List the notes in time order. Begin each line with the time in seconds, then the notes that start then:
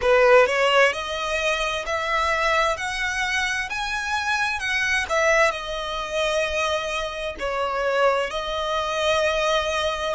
0.01 B4
0.46 C#5
0.92 D#5
1.85 E5
2.77 F#5
3.69 G#5
4.59 F#5
5.09 E5
5.51 D#5
7.39 C#5
8.30 D#5